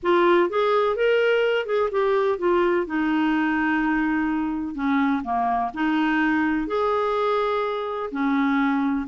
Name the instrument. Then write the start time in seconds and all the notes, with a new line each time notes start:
clarinet
0.03 F4
0.49 G#4
0.96 A#4
1.66 G#4
1.91 G4
2.38 F4
2.86 D#4
4.74 C#4
5.23 A#3
5.74 D#4
6.67 G#4
8.11 C#4